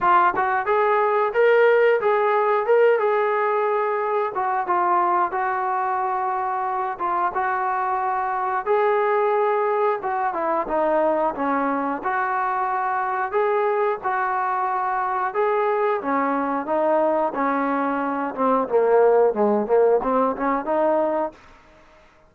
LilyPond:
\new Staff \with { instrumentName = "trombone" } { \time 4/4 \tempo 4 = 90 f'8 fis'8 gis'4 ais'4 gis'4 | ais'8 gis'2 fis'8 f'4 | fis'2~ fis'8 f'8 fis'4~ | fis'4 gis'2 fis'8 e'8 |
dis'4 cis'4 fis'2 | gis'4 fis'2 gis'4 | cis'4 dis'4 cis'4. c'8 | ais4 gis8 ais8 c'8 cis'8 dis'4 | }